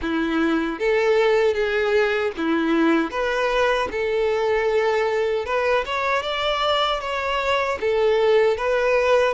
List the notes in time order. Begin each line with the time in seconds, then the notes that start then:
0.01 E4
0.79 A4
1.53 G#4
2.37 E4
3.10 B4
3.91 A4
5.45 B4
5.85 C#5
6.22 D5
7.00 C#5
7.80 A4
8.57 B4